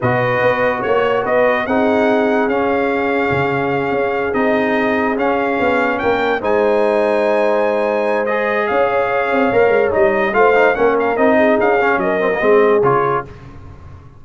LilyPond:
<<
  \new Staff \with { instrumentName = "trumpet" } { \time 4/4 \tempo 4 = 145 dis''2 cis''4 dis''4 | fis''2 f''2~ | f''2~ f''8 dis''4.~ | dis''8 f''2 g''4 gis''8~ |
gis''1 | dis''4 f''2. | dis''4 f''4 fis''8 f''8 dis''4 | f''4 dis''2 cis''4 | }
  \new Staff \with { instrumentName = "horn" } { \time 4/4 b'2 cis''4 b'4 | gis'1~ | gis'1~ | gis'2~ gis'8 ais'4 c''8~ |
c''1~ | c''4 cis''2.~ | cis''4 c''4 ais'4. gis'8~ | gis'4 ais'4 gis'2 | }
  \new Staff \with { instrumentName = "trombone" } { \time 4/4 fis'1 | dis'2 cis'2~ | cis'2~ cis'8 dis'4.~ | dis'8 cis'2. dis'8~ |
dis'1 | gis'2. ais'4 | dis'4 f'8 dis'8 cis'4 dis'4~ | dis'8 cis'4 c'16 ais16 c'4 f'4 | }
  \new Staff \with { instrumentName = "tuba" } { \time 4/4 b,4 b4 ais4 b4 | c'2 cis'2 | cis4. cis'4 c'4.~ | c'8 cis'4 b4 ais4 gis8~ |
gis1~ | gis4 cis'4. c'8 ais8 gis8 | g4 a4 ais4 c'4 | cis'4 fis4 gis4 cis4 | }
>>